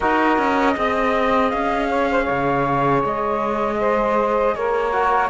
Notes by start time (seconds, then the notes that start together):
0.00 D#4 F#4 A#4 D#5
0.38 C#4
0.75 C4 G#4 D#5
1.50 C#4 F5
1.88 C#5
2.10 C5
2.23 C#5
2.30 C#3
3.04 G#3 D#5
3.80 C5
4.55 A#3 A#4 C#5
4.92 F#4